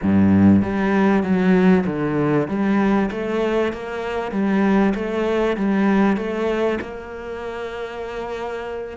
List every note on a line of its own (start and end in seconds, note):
0.02 0.62 G2
0.62 1.23 G3
1.23 1.84 F#3
1.86 2.48 D3
2.48 3.10 G3
3.11 3.73 A3
3.73 4.31 A#3
4.31 4.93 G3
4.95 5.56 A3
5.56 6.17 G3
6.17 6.78 A3
6.81 8.97 A#3